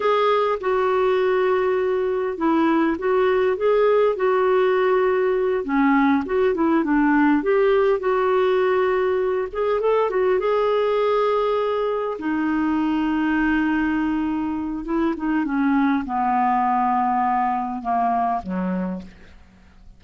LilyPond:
\new Staff \with { instrumentName = "clarinet" } { \time 4/4 \tempo 4 = 101 gis'4 fis'2. | e'4 fis'4 gis'4 fis'4~ | fis'4. cis'4 fis'8 e'8 d'8~ | d'8 g'4 fis'2~ fis'8 |
gis'8 a'8 fis'8 gis'2~ gis'8~ | gis'8 dis'2.~ dis'8~ | dis'4 e'8 dis'8 cis'4 b4~ | b2 ais4 fis4 | }